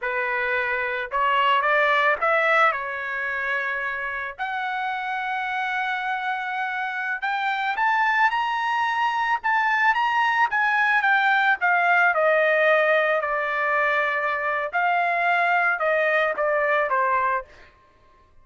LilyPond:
\new Staff \with { instrumentName = "trumpet" } { \time 4/4 \tempo 4 = 110 b'2 cis''4 d''4 | e''4 cis''2. | fis''1~ | fis''4~ fis''16 g''4 a''4 ais''8.~ |
ais''4~ ais''16 a''4 ais''4 gis''8.~ | gis''16 g''4 f''4 dis''4.~ dis''16~ | dis''16 d''2~ d''8. f''4~ | f''4 dis''4 d''4 c''4 | }